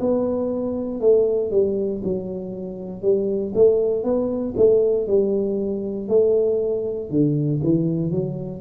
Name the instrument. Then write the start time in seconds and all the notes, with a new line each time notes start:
tuba
0.00 B3
1.00 A3
1.51 G3
2.03 F#3
3.02 G3
3.55 A3
4.03 B3
4.56 A3
5.07 G3
6.08 A3
7.10 D3
7.63 E3
8.10 F#3